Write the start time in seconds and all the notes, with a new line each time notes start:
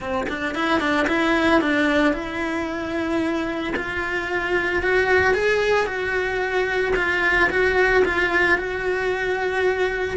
0.00 C4
0.28 D4
0.55 E4
0.79 D4
1.07 E4
1.61 D4
2.13 E4
3.75 F4
4.82 F#4
5.34 G#4
5.86 F#4
6.95 F4
7.50 F#4
8.05 F4
8.58 F#4